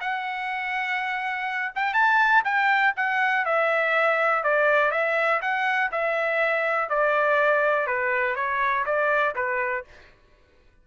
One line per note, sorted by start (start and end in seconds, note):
0.00 1.72 F#5
1.75 1.93 G5
1.93 2.43 A5
2.44 2.93 G5
2.96 3.45 F#5
3.45 4.43 E5
4.43 4.91 D5
4.91 5.40 E5
5.41 5.91 F#5
5.92 6.89 E5
6.89 7.86 D5
7.86 8.35 B4
8.35 8.84 C#5
8.85 9.34 D5
9.35 9.84 B4